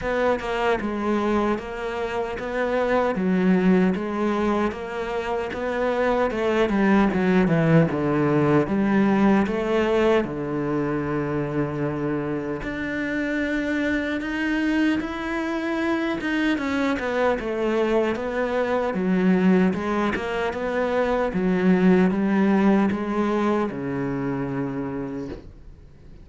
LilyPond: \new Staff \with { instrumentName = "cello" } { \time 4/4 \tempo 4 = 76 b8 ais8 gis4 ais4 b4 | fis4 gis4 ais4 b4 | a8 g8 fis8 e8 d4 g4 | a4 d2. |
d'2 dis'4 e'4~ | e'8 dis'8 cis'8 b8 a4 b4 | fis4 gis8 ais8 b4 fis4 | g4 gis4 cis2 | }